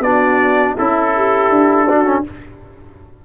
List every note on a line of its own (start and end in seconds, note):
0.00 0.73 B3
0.00 0.77 D4
0.00 0.76 F#4
0.00 0.76 D5
0.76 1.50 C#4
0.76 1.12 E4
0.76 1.88 E4
0.76 2.24 A4
1.16 1.89 G4
1.50 2.23 D4
1.89 2.05 D4
1.89 2.25 F#4
2.05 2.23 C#4